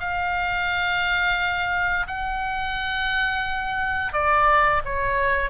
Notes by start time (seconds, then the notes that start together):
0.00 F5
2.07 F#5
4.13 D5
4.85 C#5